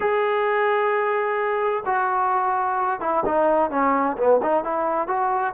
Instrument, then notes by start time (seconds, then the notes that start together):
trombone
0.00 G#4
1.85 F#4
3.00 E4
3.25 D#4
3.70 C#4
4.17 B3
4.42 D#4
4.63 E4
5.07 F#4